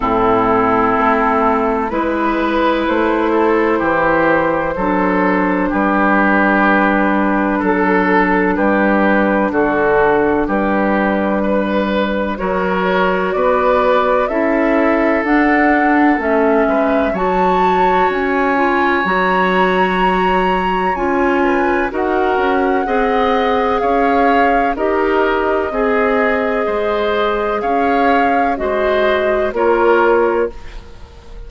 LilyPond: <<
  \new Staff \with { instrumentName = "flute" } { \time 4/4 \tempo 4 = 63 a'2 b'4 c''4~ | c''2 b'2 | a'4 b'4 a'4 b'4~ | b'4 cis''4 d''4 e''4 |
fis''4 e''4 a''4 gis''4 | ais''2 gis''4 fis''4~ | fis''4 f''4 dis''2~ | dis''4 f''4 dis''4 cis''4 | }
  \new Staff \with { instrumentName = "oboe" } { \time 4/4 e'2 b'4. a'8 | g'4 a'4 g'2 | a'4 g'4 fis'4 g'4 | b'4 ais'4 b'4 a'4~ |
a'4. b'8 cis''2~ | cis''2~ cis''8 b'8 ais'4 | dis''4 cis''4 ais'4 gis'4 | c''4 cis''4 c''4 ais'4 | }
  \new Staff \with { instrumentName = "clarinet" } { \time 4/4 c'2 e'2~ | e'4 d'2.~ | d'1~ | d'4 fis'2 e'4 |
d'4 cis'4 fis'4. f'8 | fis'2 f'4 fis'4 | gis'2 g'4 gis'4~ | gis'2 fis'4 f'4 | }
  \new Staff \with { instrumentName = "bassoon" } { \time 4/4 a,4 a4 gis4 a4 | e4 fis4 g2 | fis4 g4 d4 g4~ | g4 fis4 b4 cis'4 |
d'4 a8 gis8 fis4 cis'4 | fis2 cis'4 dis'8 cis'8 | c'4 cis'4 dis'4 c'4 | gis4 cis'4 gis4 ais4 | }
>>